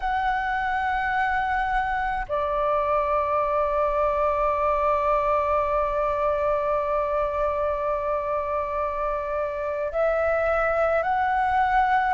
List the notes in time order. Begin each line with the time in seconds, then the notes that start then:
0.00 F#5
2.28 D5
9.92 E5
11.03 F#5